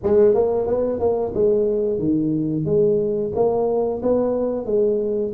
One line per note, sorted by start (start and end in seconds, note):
0.03 0.34 G#3
0.34 0.66 A#3
0.66 0.99 B3
0.99 1.32 A#3
1.34 1.98 G#3
1.98 2.65 D#3
2.65 3.32 G#3
3.35 4.02 A#3
4.02 4.65 B3
4.65 5.32 G#3